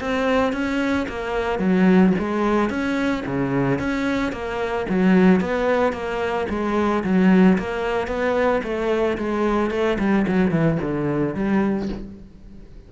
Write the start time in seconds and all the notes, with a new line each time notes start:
0.00 C4
0.52 C#4
1.08 A#3
1.59 F#3
2.18 G#3
2.70 C#4
3.26 C#3
3.79 C#4
4.32 A#3
4.89 F#3
5.40 B3
5.93 A#3
6.49 G#3
7.04 F#3
7.58 A#3
8.07 B3
8.63 A3
9.18 G#3
9.71 A3
9.99 G3
10.27 F#3
10.51 E3
10.82 D3
11.34 G3